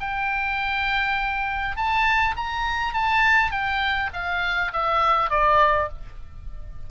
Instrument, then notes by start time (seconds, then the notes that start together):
oboe
0.00 G5
1.76 A5
2.37 A#5
2.93 A5
3.51 G5
4.13 F5
4.73 E5
5.30 D5